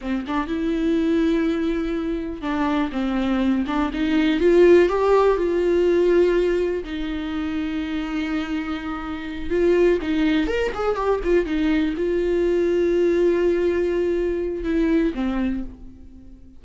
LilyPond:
\new Staff \with { instrumentName = "viola" } { \time 4/4 \tempo 4 = 123 c'8 d'8 e'2.~ | e'4 d'4 c'4. d'8 | dis'4 f'4 g'4 f'4~ | f'2 dis'2~ |
dis'2.~ dis'8 f'8~ | f'8 dis'4 ais'8 gis'8 g'8 f'8 dis'8~ | dis'8 f'2.~ f'8~ | f'2 e'4 c'4 | }